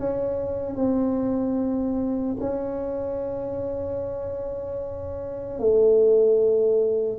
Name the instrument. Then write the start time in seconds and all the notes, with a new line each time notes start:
tuba
0.00 C#4
0.76 C4
2.40 C#4
5.60 A3